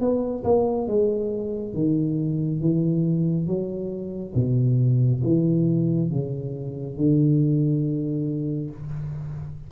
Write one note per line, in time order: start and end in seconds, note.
0.00 0.43 B3
0.44 0.87 A#3
0.87 1.74 G#3
1.74 2.60 D#3
2.61 3.47 E3
3.47 4.34 F#3
4.35 5.22 B2
5.23 6.10 E3
6.10 6.96 C#3
6.96 8.70 D3